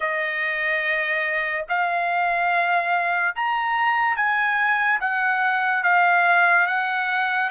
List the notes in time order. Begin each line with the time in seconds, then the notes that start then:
0.00 D#5
1.68 F5
3.35 A#5
4.16 G#5
5.00 F#5
5.83 F5
6.67 F#5